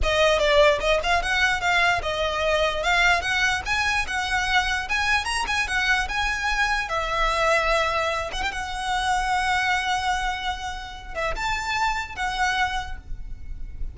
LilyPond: \new Staff \with { instrumentName = "violin" } { \time 4/4 \tempo 4 = 148 dis''4 d''4 dis''8 f''8 fis''4 | f''4 dis''2 f''4 | fis''4 gis''4 fis''2 | gis''4 ais''8 gis''8 fis''4 gis''4~ |
gis''4 e''2.~ | e''8 fis''16 g''16 fis''2.~ | fis''2.~ fis''8 e''8 | a''2 fis''2 | }